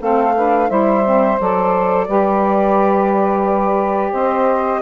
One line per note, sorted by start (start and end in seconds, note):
0.00 0.70 A3
0.00 0.36 C4
0.00 0.34 A4
0.00 0.70 F5
0.36 0.69 D4
0.36 0.69 B4
0.69 1.39 G3
0.69 1.03 E4
0.69 2.07 C5
0.69 1.39 E5
1.05 1.39 C4
1.40 2.08 F#3
1.40 2.08 A4
1.40 4.14 D5
2.08 4.13 G3
2.08 4.82 G4
2.08 4.12 B4
4.12 4.82 C4
4.12 4.81 C5
4.12 4.82 D#5